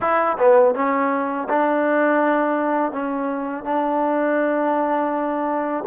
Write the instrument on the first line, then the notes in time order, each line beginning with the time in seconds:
trombone
0.00 E4
0.38 B3
0.74 C#4
1.49 D4
2.91 C#4
3.64 D4